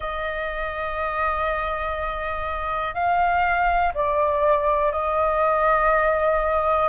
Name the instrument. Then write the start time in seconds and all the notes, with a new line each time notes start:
flute
0.00 D#5
2.94 F5
3.93 D5
4.92 D#5